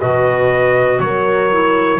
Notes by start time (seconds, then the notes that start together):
0.00 B2 F#4 B4 D#5
0.99 F#3 A#4 C#5
1.51 E4